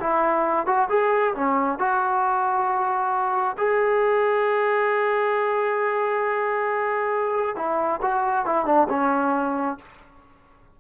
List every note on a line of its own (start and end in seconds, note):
0.00 0.66 E4
0.66 0.89 F#4
0.89 1.34 G#4
1.35 1.79 C#4
1.79 3.57 F#4
3.58 7.56 G#4
7.56 8.01 E4
8.02 8.46 F#4
8.46 8.66 E4
8.66 8.88 D4
8.89 9.78 C#4